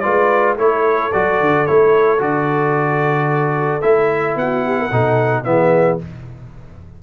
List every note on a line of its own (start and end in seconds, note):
0.00 0.57 G#3
0.00 0.57 F4
0.00 0.58 B4
0.00 0.54 D5
0.57 1.11 A3
0.57 1.12 E4
0.57 4.38 A4
0.57 1.12 C#5
1.12 1.41 F#3
1.12 1.67 F#4
1.12 1.66 D5
1.41 1.68 D3
1.66 2.20 A3
1.66 2.19 E4
1.66 2.20 C#5
2.19 3.82 D3
2.19 3.81 F#4
2.19 3.81 D5
3.81 4.35 A3
3.81 4.91 E4
3.81 4.35 E5
4.35 4.90 B3
4.35 4.66 F#4
4.35 5.44 F#5
4.66 4.80 G4
4.80 4.88 A#4
4.88 5.46 B2
4.88 5.45 D#4
4.88 5.42 A4
5.44 6.00 E3
5.44 5.99 B3
5.44 6.03 G#4
5.44 5.98 E5